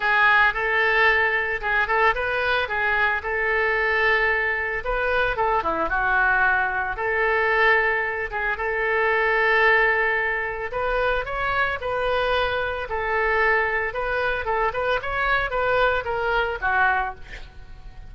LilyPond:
\new Staff \with { instrumentName = "oboe" } { \time 4/4 \tempo 4 = 112 gis'4 a'2 gis'8 a'8 | b'4 gis'4 a'2~ | a'4 b'4 a'8 e'8 fis'4~ | fis'4 a'2~ a'8 gis'8 |
a'1 | b'4 cis''4 b'2 | a'2 b'4 a'8 b'8 | cis''4 b'4 ais'4 fis'4 | }